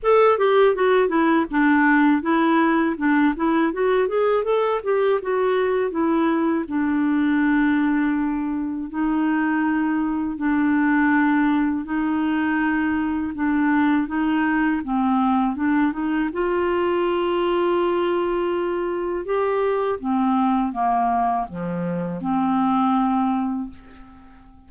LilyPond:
\new Staff \with { instrumentName = "clarinet" } { \time 4/4 \tempo 4 = 81 a'8 g'8 fis'8 e'8 d'4 e'4 | d'8 e'8 fis'8 gis'8 a'8 g'8 fis'4 | e'4 d'2. | dis'2 d'2 |
dis'2 d'4 dis'4 | c'4 d'8 dis'8 f'2~ | f'2 g'4 c'4 | ais4 f4 c'2 | }